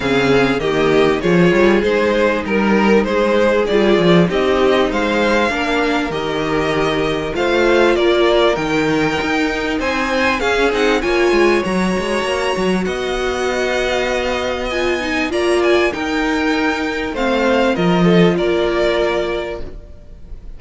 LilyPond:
<<
  \new Staff \with { instrumentName = "violin" } { \time 4/4 \tempo 4 = 98 f''4 dis''4 cis''4 c''4 | ais'4 c''4 d''4 dis''4 | f''2 dis''2 | f''4 d''4 g''2 |
gis''4 f''8 fis''8 gis''4 ais''4~ | ais''4 fis''2. | gis''4 ais''8 gis''8 g''2 | f''4 dis''4 d''2 | }
  \new Staff \with { instrumentName = "violin" } { \time 4/4 gis'4 g'4 gis'2 | ais'4 gis'2 g'4 | c''4 ais'2. | c''4 ais'2. |
c''4 gis'4 cis''2~ | cis''4 dis''2.~ | dis''4 d''4 ais'2 | c''4 ais'8 a'8 ais'2 | }
  \new Staff \with { instrumentName = "viola" } { \time 4/4 c'4 ais4 f'4 dis'4~ | dis'2 f'4 dis'4~ | dis'4 d'4 g'2 | f'2 dis'2~ |
dis'4 cis'8 dis'8 f'4 fis'4~ | fis'1 | f'8 dis'8 f'4 dis'2 | c'4 f'2. | }
  \new Staff \with { instrumentName = "cello" } { \time 4/4 cis4 dis4 f8 g8 gis4 | g4 gis4 g8 f8 c'4 | gis4 ais4 dis2 | a4 ais4 dis4 dis'4 |
c'4 cis'8 c'8 ais8 gis8 fis8 gis8 | ais8 fis8 b2.~ | b4 ais4 dis'2 | a4 f4 ais2 | }
>>